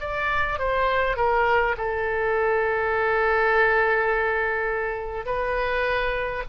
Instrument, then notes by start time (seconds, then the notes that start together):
oboe
0.00 D5
0.59 C5
1.17 A#4
1.77 A4
5.26 B4